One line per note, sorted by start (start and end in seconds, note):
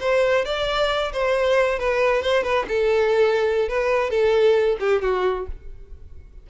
0.00 0.45 C5
0.45 1.12 D5
1.12 1.79 C5
1.79 2.22 B4
2.22 2.43 C5
2.43 2.66 B4
2.68 3.68 A4
3.68 4.10 B4
4.10 4.77 A4
4.80 5.02 G4
5.02 5.46 F#4